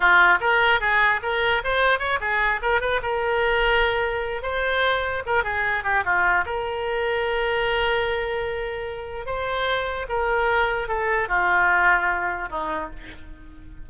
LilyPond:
\new Staff \with { instrumentName = "oboe" } { \time 4/4 \tempo 4 = 149 f'4 ais'4 gis'4 ais'4 | c''4 cis''8 gis'4 ais'8 b'8 ais'8~ | ais'2. c''4~ | c''4 ais'8 gis'4 g'8 f'4 |
ais'1~ | ais'2. c''4~ | c''4 ais'2 a'4 | f'2. dis'4 | }